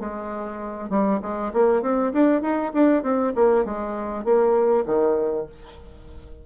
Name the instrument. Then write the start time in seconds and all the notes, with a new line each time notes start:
bassoon
0.00 G#3
0.90 G3
1.22 G#3
1.54 A#3
1.83 C4
2.13 D4
2.42 D#4
2.74 D4
3.03 C4
3.36 A#3
3.65 G#3
4.25 A#3
4.86 D#3